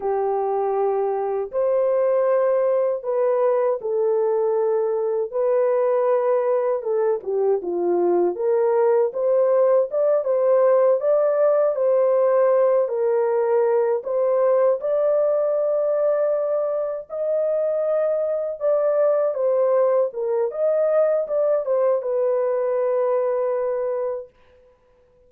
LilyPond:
\new Staff \with { instrumentName = "horn" } { \time 4/4 \tempo 4 = 79 g'2 c''2 | b'4 a'2 b'4~ | b'4 a'8 g'8 f'4 ais'4 | c''4 d''8 c''4 d''4 c''8~ |
c''4 ais'4. c''4 d''8~ | d''2~ d''8 dis''4.~ | dis''8 d''4 c''4 ais'8 dis''4 | d''8 c''8 b'2. | }